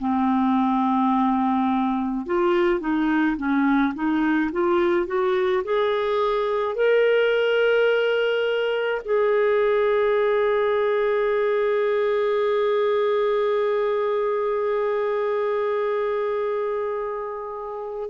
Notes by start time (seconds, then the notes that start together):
0.00 C4
2.26 F4
2.80 D#4
3.38 C#4
3.95 D#4
4.52 F4
5.07 F#4
5.64 G#4
6.76 A#4
9.05 G#4